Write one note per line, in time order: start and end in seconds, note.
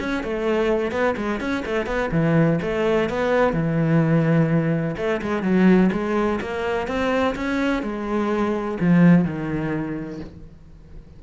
0.00 0.24 C#4
0.24 0.92 A3
0.92 1.15 B3
1.17 1.40 G#3
1.40 1.64 C#4
1.66 1.87 A3
1.87 2.10 B3
2.12 2.60 E3
2.62 3.10 A3
3.10 3.53 B3
3.53 4.96 E3
4.97 5.21 A3
5.22 5.43 G#3
5.43 5.90 F#3
5.92 6.40 G#3
6.41 6.88 A#3
6.88 7.35 C4
7.36 7.83 C#4
7.83 8.78 G#3
8.81 9.25 F3
9.25 10.20 D#3